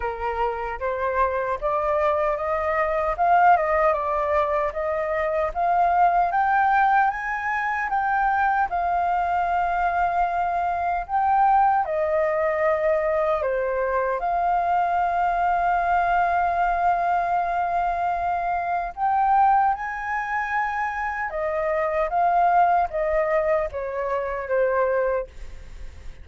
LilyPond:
\new Staff \with { instrumentName = "flute" } { \time 4/4 \tempo 4 = 76 ais'4 c''4 d''4 dis''4 | f''8 dis''8 d''4 dis''4 f''4 | g''4 gis''4 g''4 f''4~ | f''2 g''4 dis''4~ |
dis''4 c''4 f''2~ | f''1 | g''4 gis''2 dis''4 | f''4 dis''4 cis''4 c''4 | }